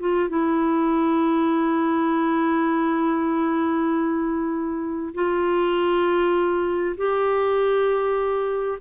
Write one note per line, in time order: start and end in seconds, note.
0.00 0.29 F4
0.29 5.14 E4
5.14 6.96 F4
6.97 8.79 G4